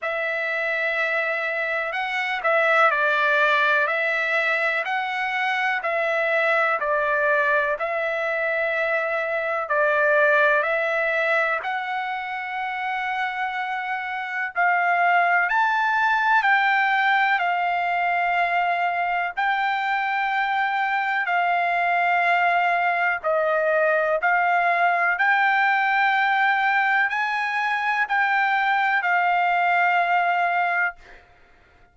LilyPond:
\new Staff \with { instrumentName = "trumpet" } { \time 4/4 \tempo 4 = 62 e''2 fis''8 e''8 d''4 | e''4 fis''4 e''4 d''4 | e''2 d''4 e''4 | fis''2. f''4 |
a''4 g''4 f''2 | g''2 f''2 | dis''4 f''4 g''2 | gis''4 g''4 f''2 | }